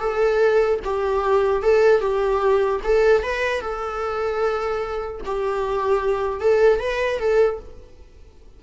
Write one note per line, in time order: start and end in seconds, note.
0.00 0.80 A4
0.85 1.63 G4
1.63 2.01 A4
2.01 2.81 G4
2.84 3.23 A4
3.23 3.61 B4
3.61 5.21 A4
5.26 6.41 G4
6.41 6.80 A4
6.80 7.20 B4
7.20 7.60 A4